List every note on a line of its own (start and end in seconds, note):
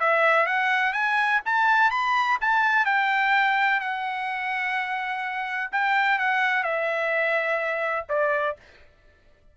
0.00 0.46 E5
0.46 0.93 F#5
0.93 1.41 G#5
1.45 1.91 A5
1.91 2.38 B5
2.41 2.86 A5
2.86 3.81 G5
3.81 5.71 F#5
5.72 6.19 G5
6.19 6.63 F#5
6.63 8.06 E5
8.09 8.57 D5